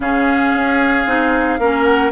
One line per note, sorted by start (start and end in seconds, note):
0.00 0.52 C#3
0.00 1.04 C#4
0.00 1.60 G#4
0.00 1.84 F5
0.53 1.06 C#4
1.06 1.59 C4
1.06 1.59 D#4
1.59 2.11 A#3
1.59 2.11 C#4
1.59 2.11 A#4
1.84 2.10 F#5